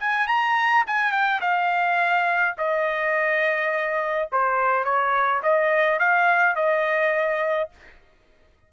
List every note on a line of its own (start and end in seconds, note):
0.00 0.28 G#5
0.28 0.85 A#5
0.87 1.12 G#5
1.12 1.41 G5
1.41 2.56 F5
2.58 4.29 D#5
4.32 4.85 C5
4.85 5.42 C#5
5.43 6.00 D#5
6.00 6.56 F5
6.56 7.70 D#5